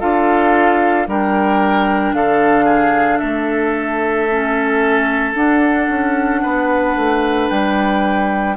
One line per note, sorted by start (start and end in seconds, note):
0.00 1.08 D4
0.00 1.07 F4
0.00 1.07 A4
0.00 1.08 F5
1.08 2.13 G3
1.08 4.29 D4
1.08 2.16 A#4
1.08 2.15 G5
2.13 3.20 D3
2.13 2.65 A4
2.13 3.19 F5
2.65 3.18 G#4
3.19 5.35 A3
3.19 6.41 A4
3.19 5.33 E5
4.30 5.34 C#4
5.34 8.56 D4
5.34 5.89 D4
5.34 7.49 F#5
5.89 6.42 C#4
6.43 6.96 B3
6.43 8.57 B4
6.96 7.50 A3
7.49 8.57 G3
7.49 8.56 G5